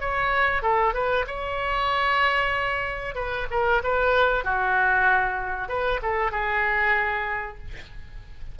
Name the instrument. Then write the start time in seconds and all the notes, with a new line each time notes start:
oboe
0.00 C#5
0.62 A4
0.94 B4
1.27 C#5
3.15 B4
3.50 A#4
3.83 B4
4.44 F#4
5.68 B4
6.02 A4
6.31 G#4